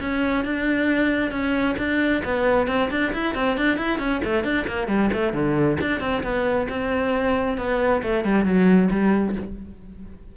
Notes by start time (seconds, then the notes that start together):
0.00 C#4
0.45 D4
1.31 C#4
1.78 D4
2.24 B3
2.67 C4
2.90 D4
3.13 E4
3.35 C4
3.57 D4
3.77 E4
3.99 C#4
4.24 A3
4.44 D4
4.67 A#3
4.87 G3
5.13 A3
5.33 D3
5.81 D4
6.00 C4
6.23 B3
6.69 C4
7.57 B3
8.02 A3
8.24 G3
8.44 F#3
8.91 G3